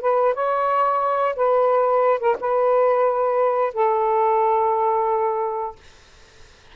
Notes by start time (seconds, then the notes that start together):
0.00 B4
0.34 C#5
1.35 B4
2.19 A#4
2.40 B4
3.73 A4